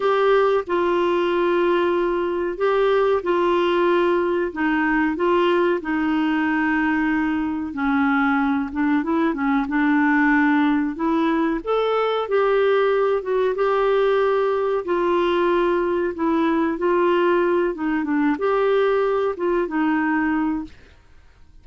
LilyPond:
\new Staff \with { instrumentName = "clarinet" } { \time 4/4 \tempo 4 = 93 g'4 f'2. | g'4 f'2 dis'4 | f'4 dis'2. | cis'4. d'8 e'8 cis'8 d'4~ |
d'4 e'4 a'4 g'4~ | g'8 fis'8 g'2 f'4~ | f'4 e'4 f'4. dis'8 | d'8 g'4. f'8 dis'4. | }